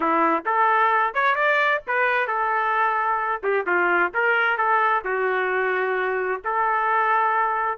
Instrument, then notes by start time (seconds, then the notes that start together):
trumpet
0.00 E4
0.45 A4
1.14 C#5
1.35 D5
1.87 B4
2.27 A4
3.43 G4
3.66 F4
4.13 A#4
4.57 A4
5.04 F#4
6.44 A4